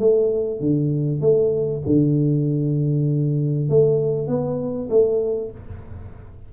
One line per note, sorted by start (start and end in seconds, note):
0.00 0.60 A3
0.60 1.21 D3
1.21 1.83 A3
1.86 3.69 D3
3.69 4.28 A3
4.28 4.89 B3
4.90 5.51 A3